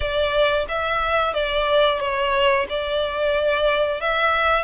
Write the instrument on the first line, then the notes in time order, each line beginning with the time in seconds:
violin
0.00 D5
0.68 E5
1.33 D5
1.99 C#5
2.68 D5
4.00 E5